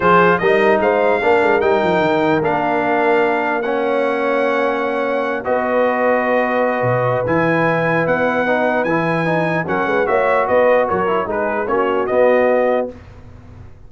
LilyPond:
<<
  \new Staff \with { instrumentName = "trumpet" } { \time 4/4 \tempo 4 = 149 c''4 dis''4 f''2 | g''2 f''2~ | f''4 fis''2.~ | fis''4. dis''2~ dis''8~ |
dis''2 gis''2 | fis''2 gis''2 | fis''4 e''4 dis''4 cis''4 | b'4 cis''4 dis''2 | }
  \new Staff \with { instrumentName = "horn" } { \time 4/4 gis'4 ais'4 c''4 ais'4~ | ais'1~ | ais'4 cis''2.~ | cis''4. b'2~ b'8~ |
b'1~ | b'1 | ais'8 b'8 cis''4 b'4 ais'4 | gis'4 fis'2. | }
  \new Staff \with { instrumentName = "trombone" } { \time 4/4 f'4 dis'2 d'4 | dis'2 d'2~ | d'4 cis'2.~ | cis'4. fis'2~ fis'8~ |
fis'2 e'2~ | e'4 dis'4 e'4 dis'4 | cis'4 fis'2~ fis'8 e'8 | dis'4 cis'4 b2 | }
  \new Staff \with { instrumentName = "tuba" } { \time 4/4 f4 g4 gis4 ais8 gis8 | g8 f8 dis4 ais2~ | ais1~ | ais4. b2~ b8~ |
b4 b,4 e2 | b2 e2 | fis8 gis8 ais4 b4 fis4 | gis4 ais4 b2 | }
>>